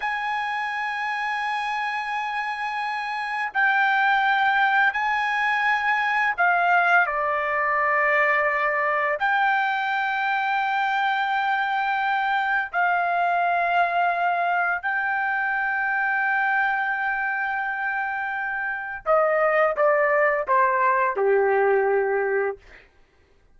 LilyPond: \new Staff \with { instrumentName = "trumpet" } { \time 4/4 \tempo 4 = 85 gis''1~ | gis''4 g''2 gis''4~ | gis''4 f''4 d''2~ | d''4 g''2.~ |
g''2 f''2~ | f''4 g''2.~ | g''2. dis''4 | d''4 c''4 g'2 | }